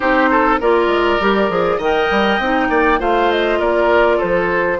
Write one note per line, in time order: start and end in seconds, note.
0.00 0.60 C4
0.00 0.60 D#4
0.00 0.29 G4
0.00 0.55 C5
0.30 0.60 A4
0.60 0.86 A#3
0.60 1.20 F4
0.60 1.77 A#4
0.60 1.81 D5
0.86 1.17 G#3
1.20 1.49 G3
1.20 1.49 G4
1.49 1.78 F3
1.49 1.79 G#4
1.77 2.08 D#3
1.77 2.41 A#4
1.77 2.67 D#5
1.77 3.01 G5
2.10 2.39 G3
2.39 2.69 C4
2.39 2.98 D#4
2.69 2.99 A#3
2.69 2.99 D5
2.98 3.59 A3
2.98 4.78 F4
2.98 3.59 C5
2.98 3.31 F5
3.31 3.61 D#5
3.59 4.19 A#3
3.59 4.17 A#4
3.59 4.20 D5
4.17 4.80 F3
4.17 4.77 A4
4.17 4.80 C5